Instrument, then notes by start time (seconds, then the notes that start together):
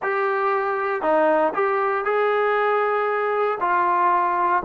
trombone
0.02 G4
1.02 D#4
1.54 G4
2.04 G#4
3.60 F4